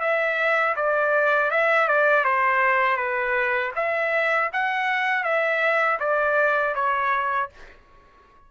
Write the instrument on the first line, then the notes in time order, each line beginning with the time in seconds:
trumpet
0.00 E5
0.76 D5
1.50 E5
1.88 D5
2.24 C5
2.97 B4
3.75 E5
4.52 F#5
5.23 E5
5.99 D5
6.74 C#5